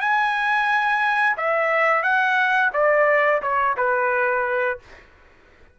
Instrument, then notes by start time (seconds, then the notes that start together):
trumpet
0.00 G#5
1.37 E5
2.02 F#5
2.73 D5
3.42 C#5
3.77 B4